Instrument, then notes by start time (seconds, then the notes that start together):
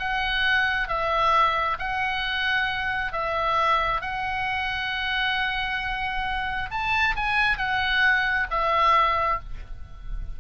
oboe
0.00 F#5
0.88 E5
1.79 F#5
3.13 E5
4.02 F#5
6.71 A5
7.16 G#5
7.58 F#5
8.51 E5